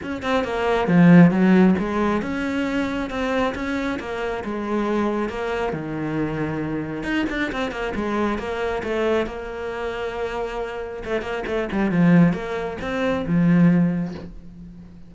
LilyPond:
\new Staff \with { instrumentName = "cello" } { \time 4/4 \tempo 4 = 136 cis'8 c'8 ais4 f4 fis4 | gis4 cis'2 c'4 | cis'4 ais4 gis2 | ais4 dis2. |
dis'8 d'8 c'8 ais8 gis4 ais4 | a4 ais2.~ | ais4 a8 ais8 a8 g8 f4 | ais4 c'4 f2 | }